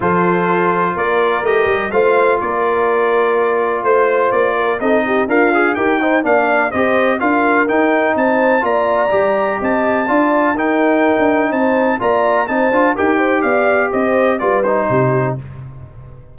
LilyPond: <<
  \new Staff \with { instrumentName = "trumpet" } { \time 4/4 \tempo 4 = 125 c''2 d''4 dis''4 | f''4 d''2. | c''4 d''4 dis''4 f''4 | g''4 f''4 dis''4 f''4 |
g''4 a''4 ais''2 | a''2 g''2 | a''4 ais''4 a''4 g''4 | f''4 dis''4 d''8 c''4. | }
  \new Staff \with { instrumentName = "horn" } { \time 4/4 a'2 ais'2 | c''4 ais'2. | c''4. ais'8 a'8 g'8 f'4 | ais'8 c''8 d''4 c''4 ais'4~ |
ais'4 c''4 d''2 | dis''4 d''4 ais'2 | c''4 d''4 c''4 ais'8 c''8 | d''4 c''4 b'4 g'4 | }
  \new Staff \with { instrumentName = "trombone" } { \time 4/4 f'2. g'4 | f'1~ | f'2 dis'4 ais'8 gis'8 | g'8 dis'8 d'4 g'4 f'4 |
dis'2 f'4 g'4~ | g'4 f'4 dis'2~ | dis'4 f'4 dis'8 f'8 g'4~ | g'2 f'8 dis'4. | }
  \new Staff \with { instrumentName = "tuba" } { \time 4/4 f2 ais4 a8 g8 | a4 ais2. | a4 ais4 c'4 d'4 | dis'4 ais4 c'4 d'4 |
dis'4 c'4 ais4 g4 | c'4 d'4 dis'4~ dis'16 d'8. | c'4 ais4 c'8 d'8 dis'4 | b4 c'4 g4 c4 | }
>>